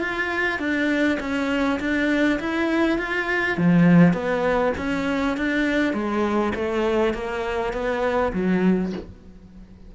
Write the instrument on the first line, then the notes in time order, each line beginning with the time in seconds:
cello
0.00 F4
0.59 D4
1.20 C#4
1.80 D4
2.40 E4
2.99 F4
3.58 F3
4.14 B3
4.78 C#4
5.37 D4
5.94 G#3
6.55 A3
7.14 A#3
7.73 B3
8.33 F#3